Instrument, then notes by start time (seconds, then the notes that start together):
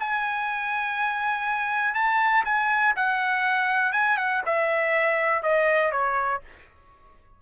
trumpet
0.00 G#5
1.95 A5
2.45 G#5
2.96 F#5
3.93 G#5
4.18 F#5
4.46 E5
5.43 D#5
5.92 C#5